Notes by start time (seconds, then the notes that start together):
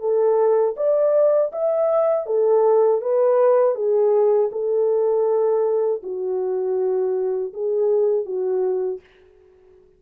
0.00 A4
0.76 D5
1.52 E5
2.26 A4
3.01 B4
3.75 G#4
4.52 A4
6.03 F#4
7.53 G#4
8.25 F#4